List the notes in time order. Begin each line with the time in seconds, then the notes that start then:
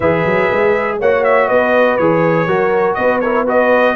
0.00 E3 G#4 B4 E5
0.25 F#3
0.51 G#3
0.99 A#3 F#4 C#5 F#5
1.24 E5
1.48 B3 B4 D#5
1.97 E3 G#4 C#5
2.47 F#3 F#4 A#4
2.94 B3 B4 D#5
3.20 E4 A#4 C#5
3.44 F#4 B4 D#5